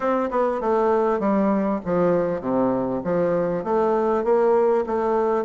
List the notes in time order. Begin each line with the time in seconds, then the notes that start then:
0.00 C4
0.31 B3
0.60 A3
1.19 G3
1.85 F3
2.40 C3
3.04 F3
3.64 A3
4.24 A#3
4.86 A3